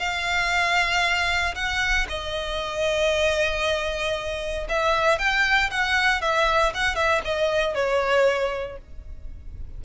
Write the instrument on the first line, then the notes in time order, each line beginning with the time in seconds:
violin
0.00 F5
1.55 F#5
2.09 D#5
4.70 E5
5.19 G5
5.71 F#5
6.22 E5
6.75 F#5
6.96 E5
7.25 D#5
7.75 C#5